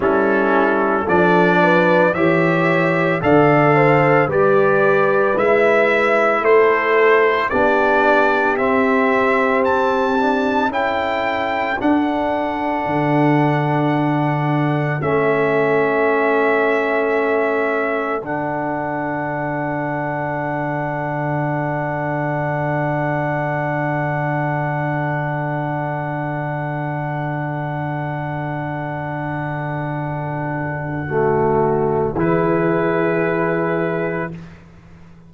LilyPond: <<
  \new Staff \with { instrumentName = "trumpet" } { \time 4/4 \tempo 4 = 56 a'4 d''4 e''4 f''4 | d''4 e''4 c''4 d''4 | e''4 a''4 g''4 fis''4~ | fis''2 e''2~ |
e''4 fis''2.~ | fis''1~ | fis''1~ | fis''2 b'2 | }
  \new Staff \with { instrumentName = "horn" } { \time 4/4 e'4 a'8 b'8 cis''4 d''8 c''8 | b'2 a'4 g'4~ | g'2 a'2~ | a'1~ |
a'1~ | a'1~ | a'1~ | a'4 fis'4 gis'2 | }
  \new Staff \with { instrumentName = "trombone" } { \time 4/4 cis'4 d'4 g'4 a'4 | g'4 e'2 d'4 | c'4. d'8 e'4 d'4~ | d'2 cis'2~ |
cis'4 d'2.~ | d'1~ | d'1~ | d'4 a4 e'2 | }
  \new Staff \with { instrumentName = "tuba" } { \time 4/4 g4 f4 e4 d4 | g4 gis4 a4 b4 | c'2 cis'4 d'4 | d2 a2~ |
a4 d2.~ | d1~ | d1~ | d2 e2 | }
>>